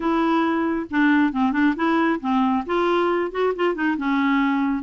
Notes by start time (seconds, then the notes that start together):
0.00 E4
0.90 D4
1.32 C4
1.52 D4
1.76 E4
2.20 C4
2.66 F4
3.31 F#4
3.55 F4
3.75 D#4
3.97 C#4